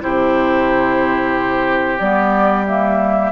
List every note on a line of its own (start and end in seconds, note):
0.00 2.00 C3
0.00 1.98 E4
0.00 3.31 G4
0.00 1.99 C5
1.99 3.31 G3
1.99 2.66 B3
1.99 2.65 D5
2.66 3.31 A#3
2.66 3.31 E5